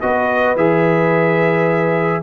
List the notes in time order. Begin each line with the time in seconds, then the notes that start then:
0.00 B3 F#4 B4 D#5
0.55 E3 G#4 E5